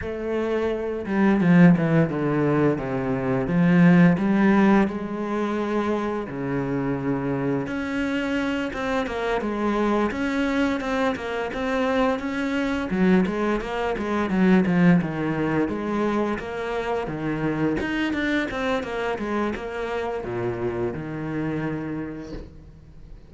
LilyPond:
\new Staff \with { instrumentName = "cello" } { \time 4/4 \tempo 4 = 86 a4. g8 f8 e8 d4 | c4 f4 g4 gis4~ | gis4 cis2 cis'4~ | cis'8 c'8 ais8 gis4 cis'4 c'8 |
ais8 c'4 cis'4 fis8 gis8 ais8 | gis8 fis8 f8 dis4 gis4 ais8~ | ais8 dis4 dis'8 d'8 c'8 ais8 gis8 | ais4 ais,4 dis2 | }